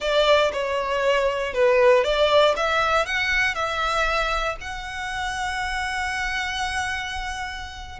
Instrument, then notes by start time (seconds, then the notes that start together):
violin
0.00 D5
0.52 C#5
1.53 B4
2.04 D5
2.56 E5
3.05 F#5
3.55 E5
4.60 F#5